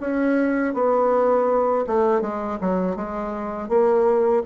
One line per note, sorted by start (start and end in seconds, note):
0.00 0.73 C#4
0.73 1.85 B3
1.87 2.21 A3
2.21 2.58 G#3
2.61 2.96 F#3
2.96 3.68 G#3
3.68 4.42 A#3